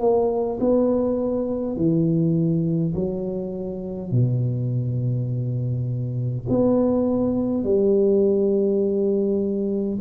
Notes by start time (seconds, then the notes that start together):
0.00 A#3
0.60 B3
1.76 E3
2.95 F#3
4.11 B2
6.49 B3
7.64 G3